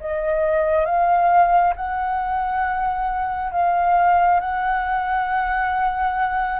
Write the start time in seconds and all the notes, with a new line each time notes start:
0.00 D#5
0.85 F5
1.76 F#5
3.52 F5
4.40 F#5